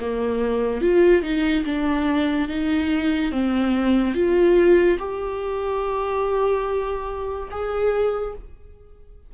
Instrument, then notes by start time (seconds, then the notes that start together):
viola
0.00 A#3
0.81 F4
1.23 D#4
1.65 D4
2.48 D#4
3.31 C4
4.14 F4
4.99 G4
7.51 G#4